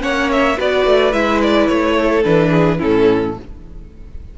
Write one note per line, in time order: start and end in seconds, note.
0.00 0.59 A#3
0.00 0.56 C#4
0.00 0.58 C#5
0.00 0.31 F#5
0.32 0.60 E5
0.57 0.87 B3
0.57 1.13 F#4
0.57 1.97 B4
0.57 1.13 D5
0.87 1.14 A3
1.13 1.69 G#3
1.13 2.24 E4
1.13 1.41 E5
1.42 1.68 D5
1.68 2.25 A3
1.68 2.23 C#5
1.97 2.51 A4
2.24 2.81 E3
2.24 2.79 D4
2.24 2.80 B4
2.51 2.78 G#4
2.78 3.37 A2
2.78 3.34 C#4
2.78 3.34 E4
2.78 3.38 A4